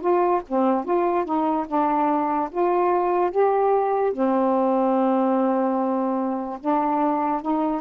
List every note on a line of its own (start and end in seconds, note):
0.00 0.41 F4
0.48 0.84 C4
0.84 1.25 F4
1.25 1.66 D#4
1.67 2.49 D4
2.51 3.31 F4
3.31 4.12 G4
4.12 6.59 C4
6.60 7.42 D4
7.42 7.81 D#4